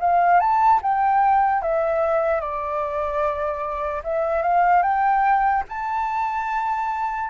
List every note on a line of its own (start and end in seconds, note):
0.00 0.40 F5
0.40 0.81 A5
0.82 1.62 G5
1.62 2.41 E5
2.41 4.03 D5
4.04 4.43 E5
4.43 4.83 F5
4.83 5.64 G5
5.69 7.30 A5